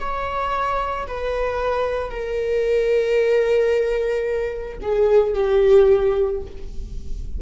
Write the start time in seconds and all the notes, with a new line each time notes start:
0.00 C#5
1.08 B4
2.11 A#4
4.82 G#4
5.34 G4